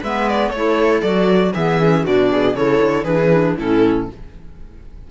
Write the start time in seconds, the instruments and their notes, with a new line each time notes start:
0.00 cello G#3, clarinet B3, viola B4, violin E5
0.29 violin D5
0.49 cello A3, viola A4, violin C#5
0.56 clarinet E4
1.02 cello F#3, clarinet F#4, violin D5
1.54 cello E3, clarinet B3, viola G#4, violin E5
1.82 clarinet C#4
2.04 cello B2, clarinet D4, viola F#4, violin D5
2.32 viola G#4
2.54 cello C#3, clarinet E4, viola A4, violin C#5
2.82 cello D3
3.04 cello E3, clarinet D4, viola G#4, violin B4
3.24 clarinet C#4
3.33 clarinet D4
3.58 cello A2, clarinet C#4, viola E4, violin A4